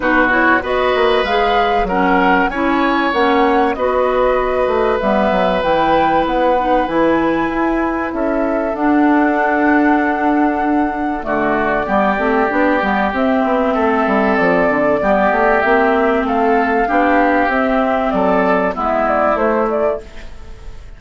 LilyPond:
<<
  \new Staff \with { instrumentName = "flute" } { \time 4/4 \tempo 4 = 96 b'8 cis''8 dis''4 f''4 fis''4 | gis''4 fis''4 dis''2 | e''4 g''4 fis''4 gis''4~ | gis''4 e''4 fis''2~ |
fis''2 d''2~ | d''4 e''2 d''4~ | d''4 e''4 f''2 | e''4 d''4 e''8 d''8 c''8 d''8 | }
  \new Staff \with { instrumentName = "oboe" } { \time 4/4 fis'4 b'2 ais'4 | cis''2 b'2~ | b'1~ | b'4 a'2.~ |
a'2 fis'4 g'4~ | g'2 a'2 | g'2 a'4 g'4~ | g'4 a'4 e'2 | }
  \new Staff \with { instrumentName = "clarinet" } { \time 4/4 dis'8 e'8 fis'4 gis'4 cis'4 | e'4 cis'4 fis'2 | b4 e'4. dis'8 e'4~ | e'2 d'2~ |
d'2 a4 b8 c'8 | d'8 b8 c'2. | b4 c'2 d'4 | c'2 b4 a4 | }
  \new Staff \with { instrumentName = "bassoon" } { \time 4/4 b,4 b8 ais8 gis4 fis4 | cis'4 ais4 b4. a8 | g8 fis8 e4 b4 e4 | e'4 cis'4 d'2~ |
d'2 d4 g8 a8 | b8 g8 c'8 b8 a8 g8 f8 d8 | g8 a8 ais4 a4 b4 | c'4 fis4 gis4 a4 | }
>>